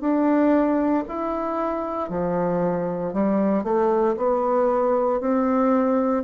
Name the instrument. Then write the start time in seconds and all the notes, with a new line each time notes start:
bassoon
0.00 D4
1.08 E4
2.10 F3
3.13 G3
3.63 A3
4.17 B3
5.21 C4